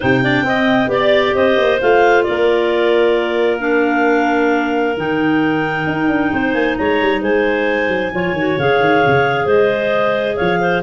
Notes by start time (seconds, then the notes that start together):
0.00 C3 D#4 C5 G5
0.23 D4 D5
0.42 C4 D#5
0.87 B3 G4 D5
1.34 C4 C5 D#5
1.56 A#3
1.81 A3 F4 F5
2.23 A#3 A#4 D5
3.59 D4 F5
4.97 D#3 D#4 G5
5.86 D#4
6.08 D4
6.32 C4 C5
6.53 A#3 G#5
6.77 G#3 C#5 A#5
7.01 G3
7.21 G#3 C5 G#5
7.87 F#3
8.12 F3 F4 C#5
8.32 D#3 F#4
8.58 C#3 G#4 F5
8.80 D#3
9.06 C#3
9.45 G#3 C5 D#5
10.36 F3 C#5 F5
10.60 C5